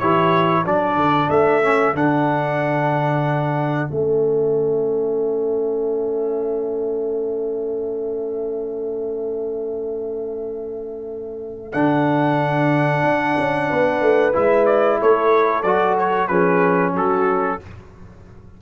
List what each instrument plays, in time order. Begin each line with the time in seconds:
0.00 tuba E3, trombone E4, horn G4, trumpet C#5
0.64 tuba F#3, trombone D4, horn A4, trumpet D5
0.96 tuba D3
1.30 tuba A3, trumpet E5
1.63 trombone C#4
1.95 tuba D3, trombone D4, trumpet F#5
3.88 tuba A3, trombone C#4, trumpet E5
11.73 tuba D3, trombone D4, trumpet F#5
13.04 tuba D4
13.39 tuba C#4
13.70 tuba B3, horn B4
14.02 tuba A3
14.33 tuba G#3, trombone E4, trumpet E5
14.66 trumpet D5
15.01 tuba A3, horn A4, trumpet C#5
15.63 tuba F#3, trombone F#4, trumpet D5
15.98 trumpet C#5
16.28 tuba F3, trombone C#4, horn G#4, trumpet B4
16.94 tuba F#3, horn F#4, trumpet A4